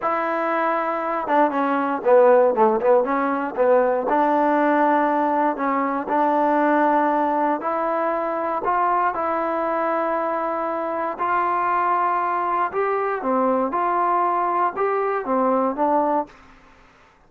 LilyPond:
\new Staff \with { instrumentName = "trombone" } { \time 4/4 \tempo 4 = 118 e'2~ e'8 d'8 cis'4 | b4 a8 b8 cis'4 b4 | d'2. cis'4 | d'2. e'4~ |
e'4 f'4 e'2~ | e'2 f'2~ | f'4 g'4 c'4 f'4~ | f'4 g'4 c'4 d'4 | }